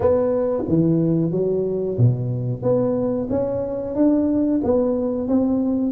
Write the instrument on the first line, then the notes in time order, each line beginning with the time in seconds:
tuba
0.00 B3
0.67 E3
1.31 F#3
1.97 B2
2.62 B3
3.30 C#4
3.95 D4
4.63 B3
5.28 C4